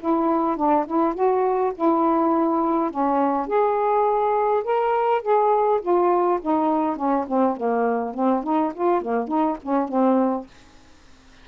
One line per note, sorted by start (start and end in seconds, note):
0.00 0.57 E4
0.57 0.86 D4
0.87 1.15 E4
1.15 1.73 F#4
1.75 2.91 E4
2.91 3.47 C#4
3.47 4.64 G#4
4.64 5.22 A#4
5.22 5.80 G#4
5.82 6.40 F4
6.42 6.97 D#4
6.97 7.26 C#4
7.28 7.57 C4
7.57 8.15 A#3
8.15 8.44 C4
8.44 8.73 D#4
8.74 9.02 F4
9.02 9.28 A#3
9.28 9.57 D#4
9.63 9.89 C#4
9.89 10.47 C4